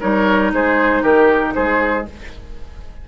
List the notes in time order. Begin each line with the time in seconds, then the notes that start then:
0.00 G3 D#4 A#4 C#5
0.52 G#3 G#4 C5
1.02 D#3 G4 A#4
1.54 G#3 G#4 C5